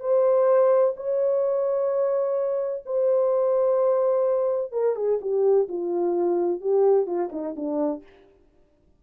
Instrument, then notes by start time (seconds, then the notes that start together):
horn
0.00 C5
0.96 C#5
2.86 C5
4.72 A#4
4.96 G#4
5.21 G4
5.68 F4
6.61 G4
7.06 F4
7.32 D#4
7.56 D4